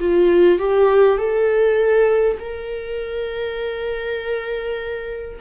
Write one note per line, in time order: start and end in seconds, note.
0.00 0.59 F4
0.59 1.18 G4
1.18 2.38 A4
2.40 5.40 A#4